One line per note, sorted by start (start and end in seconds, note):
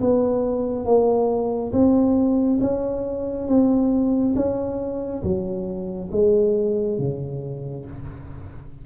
0.00 0.85 B3
0.85 1.72 A#3
1.72 2.59 C4
2.60 3.47 C#4
3.47 4.34 C4
4.35 5.22 C#4
5.23 6.09 F#3
6.11 6.98 G#3
6.98 7.85 C#3